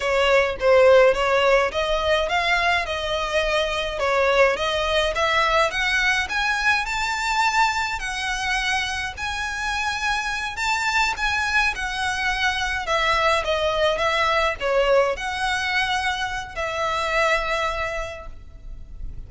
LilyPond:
\new Staff \with { instrumentName = "violin" } { \time 4/4 \tempo 4 = 105 cis''4 c''4 cis''4 dis''4 | f''4 dis''2 cis''4 | dis''4 e''4 fis''4 gis''4 | a''2 fis''2 |
gis''2~ gis''8 a''4 gis''8~ | gis''8 fis''2 e''4 dis''8~ | dis''8 e''4 cis''4 fis''4.~ | fis''4 e''2. | }